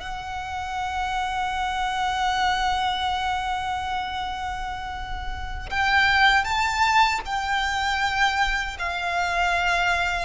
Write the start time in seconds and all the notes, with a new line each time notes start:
0.00 F#5
5.70 G5
6.45 A5
7.26 G5
8.79 F5